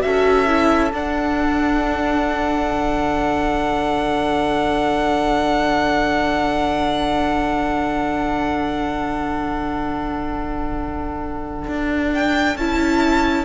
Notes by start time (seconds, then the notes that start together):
0.00 C#4 F#4 A4 E5
0.47 E4
0.92 D4 F#5
2.71 D3
11.67 D4
12.14 G5
12.56 C#4 E4 A5